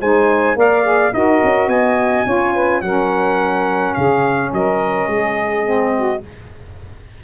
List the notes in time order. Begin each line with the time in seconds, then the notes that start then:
0.00 G#3 D#4 C5 G#5
0.56 A#3 A#4 D5 F5
0.83 G#4
1.12 D#4 F#4 A#4 D#5
1.43 C#4
1.67 B3 D#5 G#5
2.25 C#4 F4 C#5
2.53 B4
2.81 F#3 C#4 A#4 F#5
3.93 C#3 G#4 F5
4.52 F#3 A#4 D#5
5.07 G#3 G#4
5.64 C4
5.95 F#4